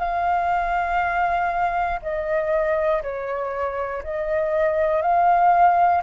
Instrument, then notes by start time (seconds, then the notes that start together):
flute
0.00 F5
2.02 D#5
3.03 C#5
4.04 D#5
5.02 F5